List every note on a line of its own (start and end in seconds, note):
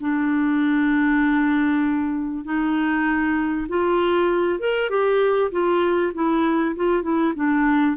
0.00 2.44 D4
2.44 3.67 D#4
3.68 4.59 F4
4.59 4.90 A#4
4.90 5.51 G4
5.51 6.12 F4
6.14 6.75 E4
6.75 7.02 F4
7.02 7.33 E4
7.35 7.96 D4